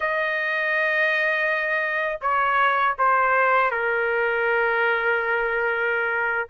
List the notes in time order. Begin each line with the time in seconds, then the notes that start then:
0.00 D#5
2.21 C#5
2.98 C5
3.70 A#4